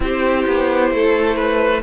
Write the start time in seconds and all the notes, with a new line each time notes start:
0.00 C4 E4 G4 C5
0.46 B3
0.91 A3 A4
1.35 B4